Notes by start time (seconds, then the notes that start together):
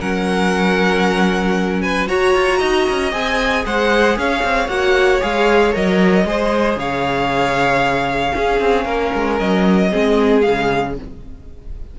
0.00 F#3 C#4 A#4 F#5
1.82 B4 G#5
2.08 F#4 C#5 A#5
2.35 F4
2.59 D#4 D#5
2.90 C#4
3.12 C4 G#4 G#5
3.66 G#3 C5 F#5
4.17 C#4 C#5 F5
4.44 C4
4.68 A#3 F#4 F#5
5.21 G#3 G#4 F5
5.73 F#3 A#4 D#5
6.25 G#3 G#4 C5
6.76 C#3 C#5 F5
8.33 C#4 G#4
8.60 C4
8.85 A#3 A#4
9.15 G#3
9.39 F#3 D#5
9.90 G#3 C4 G#4
10.42 C#3 G#3 F5